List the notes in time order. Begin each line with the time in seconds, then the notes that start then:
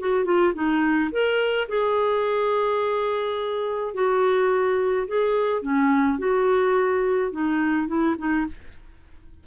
0.00 F#4
0.25 F4
0.55 D#4
1.12 A#4
1.69 G#4
3.95 F#4
5.08 G#4
5.62 C#4
6.19 F#4
7.32 D#4
7.88 E4
8.19 D#4